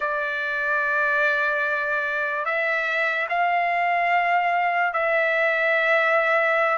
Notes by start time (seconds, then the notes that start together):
0.00 D5
2.45 E5
3.29 F5
4.93 E5